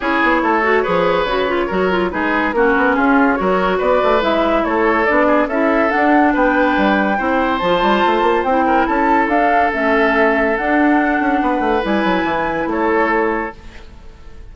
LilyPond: <<
  \new Staff \with { instrumentName = "flute" } { \time 4/4 \tempo 4 = 142 cis''1~ | cis''4 b'4 ais'4 gis'4 | cis''4 d''4 e''4 cis''4 | d''4 e''4 fis''4 g''4~ |
g''2 a''2 | g''4 a''4 f''4 e''4~ | e''4 fis''2. | gis''2 cis''2 | }
  \new Staff \with { instrumentName = "oboe" } { \time 4/4 gis'4 a'4 b'2 | ais'4 gis'4 fis'4 f'4 | ais'4 b'2 a'4~ | a'8 gis'8 a'2 b'4~ |
b'4 c''2.~ | c''8 ais'8 a'2.~ | a'2. b'4~ | b'2 a'2 | }
  \new Staff \with { instrumentName = "clarinet" } { \time 4/4 e'4. fis'8 gis'4 fis'8 f'8 | fis'8 f'8 dis'4 cis'2 | fis'2 e'2 | d'4 e'4 d'2~ |
d'4 e'4 f'2 | e'2 d'4 cis'4~ | cis'4 d'2. | e'1 | }
  \new Staff \with { instrumentName = "bassoon" } { \time 4/4 cis'8 b8 a4 f4 cis4 | fis4 gis4 ais8 b8 cis'4 | fis4 b8 a8 gis4 a4 | b4 cis'4 d'4 b4 |
g4 c'4 f8 g8 a8 ais8 | c'4 cis'4 d'4 a4~ | a4 d'4. cis'8 b8 a8 | g8 fis8 e4 a2 | }
>>